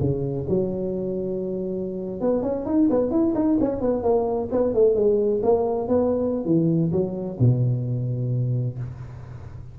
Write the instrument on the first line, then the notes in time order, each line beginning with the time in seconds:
tuba
0.00 C#3
0.49 F#3
2.21 B3
2.43 C#4
2.66 D#4
2.90 B3
3.11 E4
3.35 D#4
3.61 C#4
3.81 B3
4.03 A#3
4.52 B3
4.74 A3
4.96 G#3
5.43 A#3
5.88 B3
6.46 E3
6.92 F#3
7.40 B2